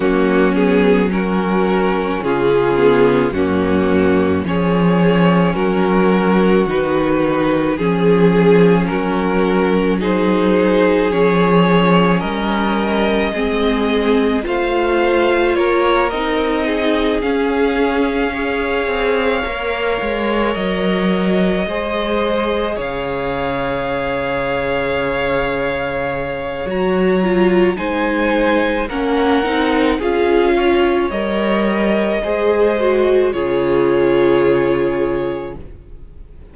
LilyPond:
<<
  \new Staff \with { instrumentName = "violin" } { \time 4/4 \tempo 4 = 54 fis'8 gis'8 ais'4 gis'4 fis'4 | cis''4 ais'4 b'4 gis'4 | ais'4 c''4 cis''4 dis''4~ | dis''4 f''4 cis''8 dis''4 f''8~ |
f''2~ f''8 dis''4.~ | dis''8 f''2.~ f''8 | ais''4 gis''4 fis''4 f''4 | dis''2 cis''2 | }
  \new Staff \with { instrumentName = "violin" } { \time 4/4 cis'4 fis'4 f'4 cis'4 | gis'4 fis'2 gis'4 | fis'4 gis'2 ais'4 | gis'4 c''4 ais'4 gis'4~ |
gis'8 cis''2. c''8~ | c''8 cis''2.~ cis''8~ | cis''4 c''4 ais'4 gis'8 cis''8~ | cis''4 c''4 gis'2 | }
  \new Staff \with { instrumentName = "viola" } { \time 4/4 ais8 b8 cis'4. b8 ais4 | cis'2 dis'4 cis'4~ | cis'4 dis'4 cis'2 | c'4 f'4. dis'4 cis'8~ |
cis'8 gis'4 ais'2 gis'8~ | gis'1 | fis'8 f'8 dis'4 cis'8 dis'8 f'4 | ais'4 gis'8 fis'8 f'2 | }
  \new Staff \with { instrumentName = "cello" } { \time 4/4 fis2 cis4 fis,4 | f4 fis4 dis4 f4 | fis2 f4 g4 | gis4 a4 ais8 c'4 cis'8~ |
cis'4 c'8 ais8 gis8 fis4 gis8~ | gis8 cis2.~ cis8 | fis4 gis4 ais8 c'8 cis'4 | g4 gis4 cis2 | }
>>